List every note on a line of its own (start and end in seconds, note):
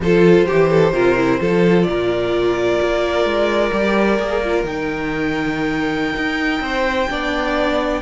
0.00 0.45 F3
0.00 0.48 F4
0.00 0.46 A4
0.00 1.82 C5
0.46 0.93 E3
0.46 0.69 G4
0.46 0.93 G4
0.69 0.93 A4
0.93 1.39 C3
0.93 1.16 F4
0.93 1.40 A#4
1.17 1.40 E4
1.40 1.86 F3
1.40 3.71 F4
1.40 1.87 A4
1.82 2.79 A#2
1.82 6.63 A#4
1.82 4.62 D5
2.81 3.24 A#3
3.24 3.71 G#3
3.71 4.19 G3
3.71 4.18 G4
4.19 4.63 A#3
4.19 4.42 G#4
4.43 4.67 F4
4.63 6.14 D#3
4.63 7.09 D#4
4.63 8.01 G5
6.15 6.60 D#4
6.60 7.07 C4
6.60 7.09 C5
7.09 8.01 B3
7.09 8.01 D4
7.09 8.01 D5